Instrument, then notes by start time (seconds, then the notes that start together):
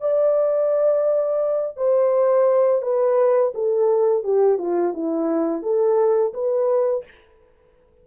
horn
0.00 D5
1.77 C5
2.82 B4
3.54 A4
4.24 G4
4.58 F4
4.93 E4
5.62 A4
6.33 B4